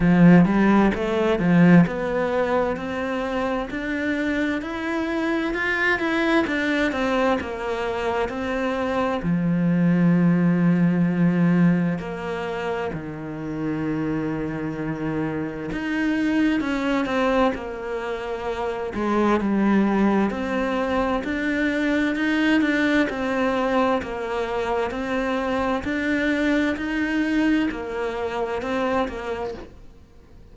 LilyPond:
\new Staff \with { instrumentName = "cello" } { \time 4/4 \tempo 4 = 65 f8 g8 a8 f8 b4 c'4 | d'4 e'4 f'8 e'8 d'8 c'8 | ais4 c'4 f2~ | f4 ais4 dis2~ |
dis4 dis'4 cis'8 c'8 ais4~ | ais8 gis8 g4 c'4 d'4 | dis'8 d'8 c'4 ais4 c'4 | d'4 dis'4 ais4 c'8 ais8 | }